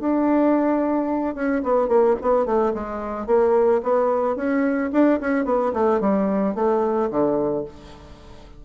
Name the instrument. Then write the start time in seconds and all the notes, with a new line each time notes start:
bassoon
0.00 D4
1.35 C#4
1.64 B3
1.89 A#3
2.22 B3
2.46 A3
2.75 G#3
3.27 A#3
3.83 B3
4.37 C#4
4.93 D4
5.21 C#4
5.45 B3
5.73 A3
6.01 G3
6.56 A3
7.11 D3